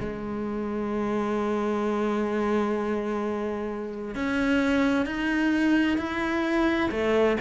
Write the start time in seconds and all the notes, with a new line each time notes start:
0.00 G#3
4.15 C#4
5.06 D#4
5.97 E4
6.91 A3